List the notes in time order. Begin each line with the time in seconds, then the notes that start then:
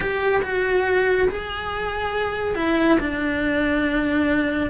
0.00 G4
0.42 F#4
1.28 G#4
2.55 E4
2.99 D4